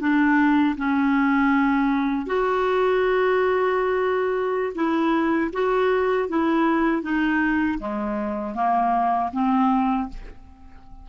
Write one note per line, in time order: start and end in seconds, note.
0.00 0.76 D4
0.77 2.27 C#4
2.27 4.74 F#4
4.75 5.51 E4
5.53 6.29 F#4
6.29 7.03 E4
7.03 7.79 D#4
7.79 8.55 G#3
8.55 9.31 A#3
9.33 10.09 C4